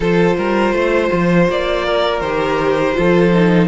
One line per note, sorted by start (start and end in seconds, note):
0.00 0.37 F3
0.00 2.23 F4
0.00 0.36 A4
0.00 1.49 C5
0.36 0.72 G3
0.36 0.73 A#4
0.72 1.09 A3
0.72 1.85 C5
1.12 1.48 F3
1.48 2.20 A#3
1.48 2.20 D5
1.85 2.96 A#4
2.20 2.94 D#3
2.20 2.94 G4
2.20 3.67 C5
2.94 3.67 F3
2.94 3.31 F4
2.94 3.67 A4
3.33 3.67 D#4